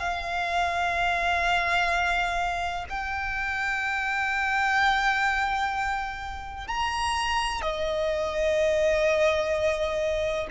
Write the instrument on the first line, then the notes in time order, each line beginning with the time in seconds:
violin
0.00 F5
2.90 G5
6.68 A#5
7.62 D#5